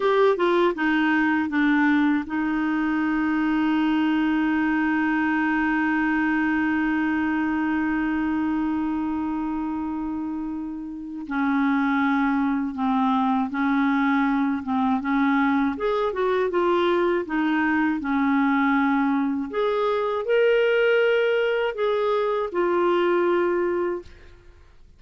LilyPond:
\new Staff \with { instrumentName = "clarinet" } { \time 4/4 \tempo 4 = 80 g'8 f'8 dis'4 d'4 dis'4~ | dis'1~ | dis'1~ | dis'2. cis'4~ |
cis'4 c'4 cis'4. c'8 | cis'4 gis'8 fis'8 f'4 dis'4 | cis'2 gis'4 ais'4~ | ais'4 gis'4 f'2 | }